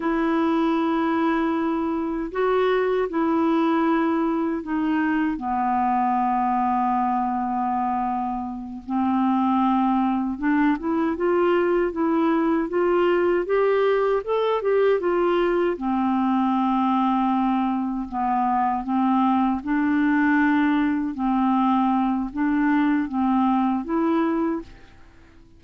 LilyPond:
\new Staff \with { instrumentName = "clarinet" } { \time 4/4 \tempo 4 = 78 e'2. fis'4 | e'2 dis'4 b4~ | b2.~ b8 c'8~ | c'4. d'8 e'8 f'4 e'8~ |
e'8 f'4 g'4 a'8 g'8 f'8~ | f'8 c'2. b8~ | b8 c'4 d'2 c'8~ | c'4 d'4 c'4 e'4 | }